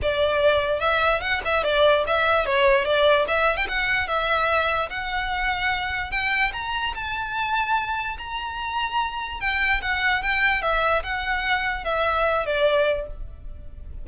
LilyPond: \new Staff \with { instrumentName = "violin" } { \time 4/4 \tempo 4 = 147 d''2 e''4 fis''8 e''8 | d''4 e''4 cis''4 d''4 | e''8. g''16 fis''4 e''2 | fis''2. g''4 |
ais''4 a''2. | ais''2. g''4 | fis''4 g''4 e''4 fis''4~ | fis''4 e''4. d''4. | }